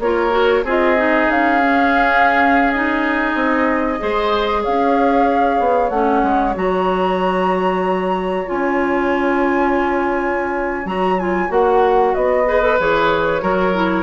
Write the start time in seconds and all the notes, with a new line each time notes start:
0.00 A#3 F4 A#4 C#5
0.31 F#4
0.64 C4 F4 G#4 D#5
0.97 D#4
1.29 C#4 F5
1.62 C#4
2.72 D#4 D#5
3.35 C4
3.99 G#3 G#4 C5
4.62 C#4 C#5 F5
5.60 B3
5.90 A3 C#4 F#5
6.23 G#3
6.55 F#3 F#4 A#5
8.46 C#4 F4 G#5
10.85 F#3 F#4 A#5
11.20 F4 G#5
11.49 A#3 F#4 F#5
12.15 B3 D#5
12.47 G#4 B4
12.62 A4
12.80 E3 G#4 C#5
13.41 F#3 F#4 A#4
13.74 E4